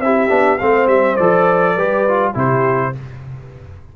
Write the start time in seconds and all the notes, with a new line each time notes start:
0.00 C4 E4 G4 E5
0.29 B3 D4
0.58 A3 C4 C5 F5
0.87 G3 E5
1.17 F3 A4 D5
1.76 G3 G4 B4
2.08 F4
2.34 C3 E4 G4 C5